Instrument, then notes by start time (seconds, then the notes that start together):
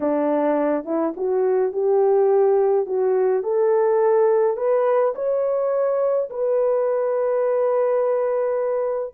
horn
0.00 D4
0.84 E4
1.16 F#4
1.72 G4
2.85 F#4
3.43 A4
4.57 B4
5.15 C#5
6.29 B4